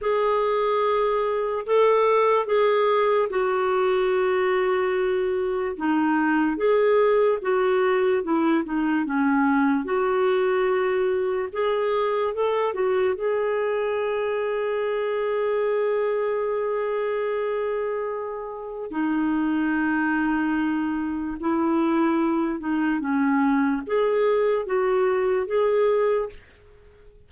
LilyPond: \new Staff \with { instrumentName = "clarinet" } { \time 4/4 \tempo 4 = 73 gis'2 a'4 gis'4 | fis'2. dis'4 | gis'4 fis'4 e'8 dis'8 cis'4 | fis'2 gis'4 a'8 fis'8 |
gis'1~ | gis'2. dis'4~ | dis'2 e'4. dis'8 | cis'4 gis'4 fis'4 gis'4 | }